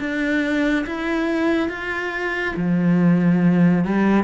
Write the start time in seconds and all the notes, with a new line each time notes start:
0.00 D4
0.86 E4
1.69 F4
2.57 F3
3.85 G3